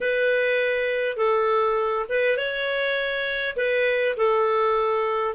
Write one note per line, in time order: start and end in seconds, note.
0.01 1.16 B4
1.16 2.05 A4
2.09 2.37 B4
2.37 3.56 C#5
3.56 4.16 B4
4.16 5.34 A4